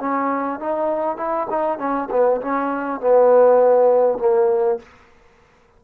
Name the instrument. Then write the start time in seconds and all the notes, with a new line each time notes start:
trombone
0.00 C#4
0.60 D#4
1.17 E4
1.50 D#4
1.79 C#4
2.11 B3
2.41 C#4
3.00 B3
4.18 A#3